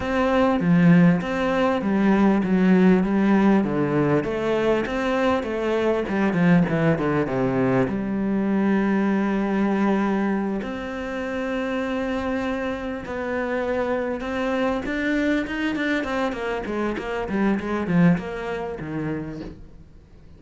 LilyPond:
\new Staff \with { instrumentName = "cello" } { \time 4/4 \tempo 4 = 99 c'4 f4 c'4 g4 | fis4 g4 d4 a4 | c'4 a4 g8 f8 e8 d8 | c4 g2.~ |
g4. c'2~ c'8~ | c'4. b2 c'8~ | c'8 d'4 dis'8 d'8 c'8 ais8 gis8 | ais8 g8 gis8 f8 ais4 dis4 | }